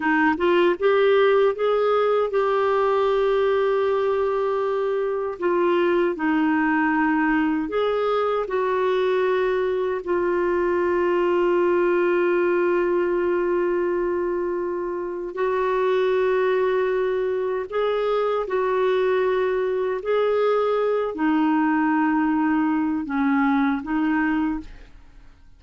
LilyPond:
\new Staff \with { instrumentName = "clarinet" } { \time 4/4 \tempo 4 = 78 dis'8 f'8 g'4 gis'4 g'4~ | g'2. f'4 | dis'2 gis'4 fis'4~ | fis'4 f'2.~ |
f'1 | fis'2. gis'4 | fis'2 gis'4. dis'8~ | dis'2 cis'4 dis'4 | }